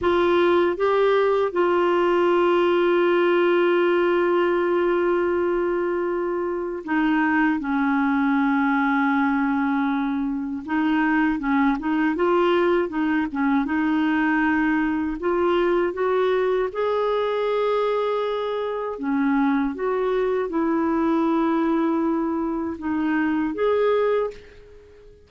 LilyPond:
\new Staff \with { instrumentName = "clarinet" } { \time 4/4 \tempo 4 = 79 f'4 g'4 f'2~ | f'1~ | f'4 dis'4 cis'2~ | cis'2 dis'4 cis'8 dis'8 |
f'4 dis'8 cis'8 dis'2 | f'4 fis'4 gis'2~ | gis'4 cis'4 fis'4 e'4~ | e'2 dis'4 gis'4 | }